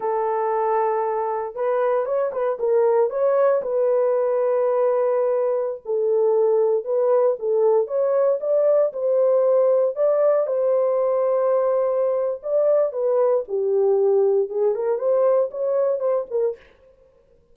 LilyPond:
\new Staff \with { instrumentName = "horn" } { \time 4/4 \tempo 4 = 116 a'2. b'4 | cis''8 b'8 ais'4 cis''4 b'4~ | b'2.~ b'16 a'8.~ | a'4~ a'16 b'4 a'4 cis''8.~ |
cis''16 d''4 c''2 d''8.~ | d''16 c''2.~ c''8. | d''4 b'4 g'2 | gis'8 ais'8 c''4 cis''4 c''8 ais'8 | }